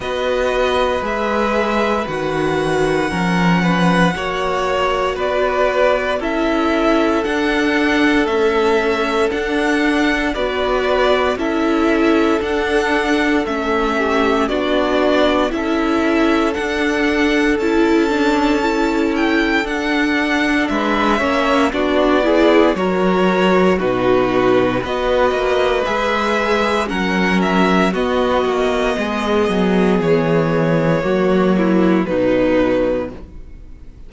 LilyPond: <<
  \new Staff \with { instrumentName = "violin" } { \time 4/4 \tempo 4 = 58 dis''4 e''4 fis''2~ | fis''4 d''4 e''4 fis''4 | e''4 fis''4 d''4 e''4 | fis''4 e''4 d''4 e''4 |
fis''4 a''4. g''8 fis''4 | e''4 d''4 cis''4 b'4 | dis''4 e''4 fis''8 e''8 dis''4~ | dis''4 cis''2 b'4 | }
  \new Staff \with { instrumentName = "violin" } { \time 4/4 b'2. ais'8 b'8 | cis''4 b'4 a'2~ | a'2 b'4 a'4~ | a'4. g'8 fis'4 a'4~ |
a'1 | b'8 cis''8 fis'8 gis'8 ais'4 fis'4 | b'2 ais'4 fis'4 | gis'2 fis'8 e'8 dis'4 | }
  \new Staff \with { instrumentName = "viola" } { \time 4/4 fis'4 gis'4 fis'4 cis'4 | fis'2 e'4 d'4 | a4 d'4 fis'4 e'4 | d'4 cis'4 d'4 e'4 |
d'4 e'8 d'8 e'4 d'4~ | d'8 cis'8 d'8 e'8 fis'4 dis'4 | fis'4 gis'4 cis'4 b4~ | b2 ais4 fis4 | }
  \new Staff \with { instrumentName = "cello" } { \time 4/4 b4 gis4 dis4 f4 | ais4 b4 cis'4 d'4 | cis'4 d'4 b4 cis'4 | d'4 a4 b4 cis'4 |
d'4 cis'2 d'4 | gis8 ais8 b4 fis4 b,4 | b8 ais8 gis4 fis4 b8 ais8 | gis8 fis8 e4 fis4 b,4 | }
>>